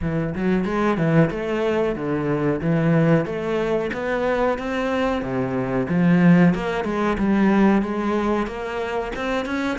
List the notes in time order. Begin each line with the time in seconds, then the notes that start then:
0.01 E3
0.34 F#3
0.64 G#3
0.97 E3
1.30 A3
1.95 D3
2.61 E3
3.25 A3
3.93 B3
4.58 C4
5.22 C3
5.89 F3
6.54 A#3
6.84 G#3
7.18 G3
7.81 G#3
8.46 A#3
9.15 C4
9.45 C#4